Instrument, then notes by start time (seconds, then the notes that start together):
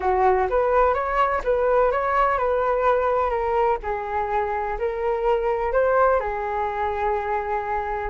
flute
0.00 F#4
0.49 B4
0.94 C#5
1.44 B4
1.91 C#5
2.38 B4
3.30 A#4
3.82 G#4
4.78 A#4
5.72 C5
6.19 G#4